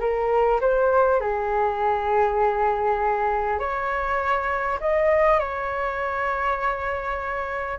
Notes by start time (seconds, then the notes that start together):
0.00 A#4
0.61 C5
1.20 G#4
3.59 C#5
4.80 D#5
5.39 C#5